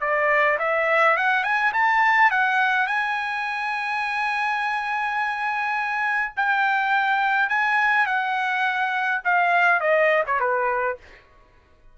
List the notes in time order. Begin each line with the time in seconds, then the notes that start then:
0.00 D5
0.58 E5
1.17 F#5
1.43 G#5
1.73 A5
2.31 F#5
2.87 G#5
6.36 G5
7.49 G#5
8.06 F#5
9.24 F5
9.80 D#5
10.26 C#5
10.40 B4